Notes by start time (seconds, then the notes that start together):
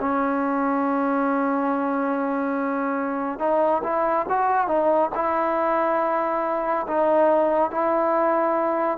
0.00 C#4
3.40 D#4
3.84 E4
4.29 F#4
4.68 D#4
5.15 E4
6.88 D#4
7.71 E4